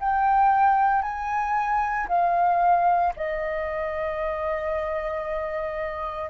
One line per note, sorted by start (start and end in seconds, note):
0.00 1.02 G5
1.02 2.08 G#5
2.09 3.14 F5
3.17 6.31 D#5